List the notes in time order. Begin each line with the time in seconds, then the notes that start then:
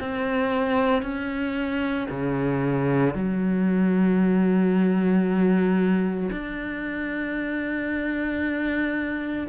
0.00 C4
1.02 C#4
2.11 C#3
3.14 F#3
6.32 D4